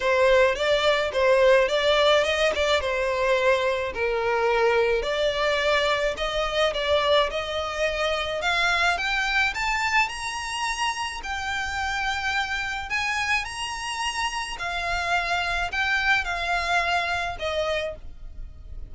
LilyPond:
\new Staff \with { instrumentName = "violin" } { \time 4/4 \tempo 4 = 107 c''4 d''4 c''4 d''4 | dis''8 d''8 c''2 ais'4~ | ais'4 d''2 dis''4 | d''4 dis''2 f''4 |
g''4 a''4 ais''2 | g''2. gis''4 | ais''2 f''2 | g''4 f''2 dis''4 | }